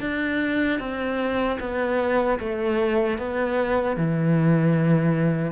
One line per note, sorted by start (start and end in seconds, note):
0.00 0.79 D4
0.79 1.58 C4
1.60 2.39 B3
2.39 3.18 A3
3.18 3.97 B3
3.97 5.52 E3